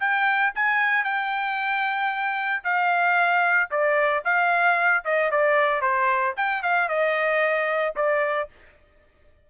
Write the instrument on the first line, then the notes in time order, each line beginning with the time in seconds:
trumpet
0.00 G5
0.55 G#5
1.04 G5
2.64 F5
3.71 D5
4.25 F5
5.05 D#5
5.31 D5
5.82 C5
6.37 G5
6.63 F5
6.89 D#5
7.96 D5